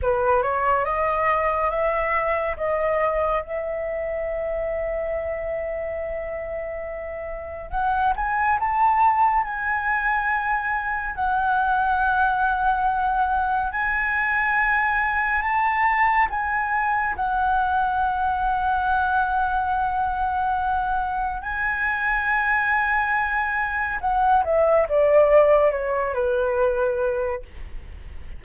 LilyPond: \new Staff \with { instrumentName = "flute" } { \time 4/4 \tempo 4 = 70 b'8 cis''8 dis''4 e''4 dis''4 | e''1~ | e''4 fis''8 gis''8 a''4 gis''4~ | gis''4 fis''2. |
gis''2 a''4 gis''4 | fis''1~ | fis''4 gis''2. | fis''8 e''8 d''4 cis''8 b'4. | }